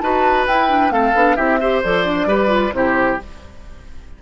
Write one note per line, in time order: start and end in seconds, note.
0.00 0.47 D#4
0.00 0.48 F#4
0.00 0.94 B4
0.00 0.45 A5
0.47 0.91 E4
0.47 0.69 E4
0.47 0.92 G5
0.69 0.91 D4
0.91 1.13 A3
0.91 1.14 C4
0.91 1.36 A4
0.91 1.36 F5
1.14 1.37 B3
1.14 1.37 D4
1.36 1.83 C4
1.36 1.60 E4
1.36 1.59 G4
1.36 1.82 E5
1.61 1.84 G4
1.61 2.28 C5
1.83 2.26 F3
1.83 2.05 A4
1.83 2.74 D5
2.05 2.28 D4
2.26 2.71 G3
2.26 2.48 G4
2.26 2.73 B4
2.48 2.70 F4
2.72 3.18 C3
2.72 3.19 E4
2.72 3.22 G4
2.72 3.20 C5